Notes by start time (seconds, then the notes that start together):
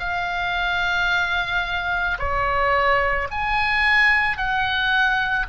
0.00 F5
2.20 C#5
3.31 G#5
4.38 F#5